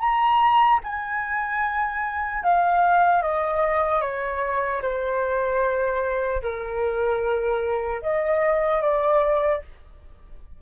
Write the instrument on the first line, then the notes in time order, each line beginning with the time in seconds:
flute
0.00 A#5
0.84 G#5
2.44 F5
3.23 D#5
4.02 C#5
4.82 C5
6.43 A#4
8.03 D#5
8.82 D5